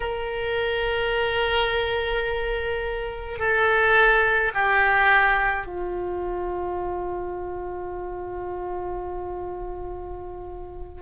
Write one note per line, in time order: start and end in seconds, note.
0.00 3.39 A#4
3.39 4.52 A4
4.53 5.66 G4
5.66 11.01 F4